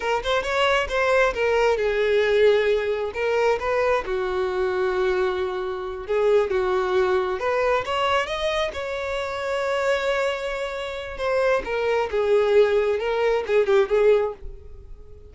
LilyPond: \new Staff \with { instrumentName = "violin" } { \time 4/4 \tempo 4 = 134 ais'8 c''8 cis''4 c''4 ais'4 | gis'2. ais'4 | b'4 fis'2.~ | fis'4. gis'4 fis'4.~ |
fis'8 b'4 cis''4 dis''4 cis''8~ | cis''1~ | cis''4 c''4 ais'4 gis'4~ | gis'4 ais'4 gis'8 g'8 gis'4 | }